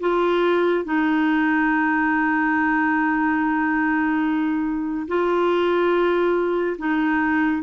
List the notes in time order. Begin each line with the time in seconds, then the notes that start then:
0.00 F4
0.85 D#4
5.07 F4
6.78 D#4